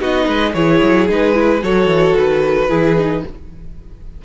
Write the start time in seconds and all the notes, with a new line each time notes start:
0.00 B3 D#4 F#4 D#5
0.25 G#3 B4
0.54 E3 E4 G#4 C#5
0.83 F#3
1.09 G#3 D#4 B4
1.33 E4
1.63 F#3 F#4 A4 C#5
1.86 E3
2.17 D#3 B4
2.69 E3 E4 G#4
2.98 D#4